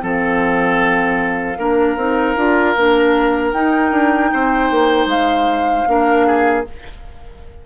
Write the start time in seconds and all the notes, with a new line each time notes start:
0.00 F3 C4 A4 F5
1.58 A#3 D4 A#4
1.96 C4 D#4
2.36 D4 F4
2.76 A#3 D4
3.51 D#4 G5
3.91 D4
4.32 C4 C5
4.71 A#3
5.06 G#3 F5
5.86 A#3 D4 A#4
6.26 G#4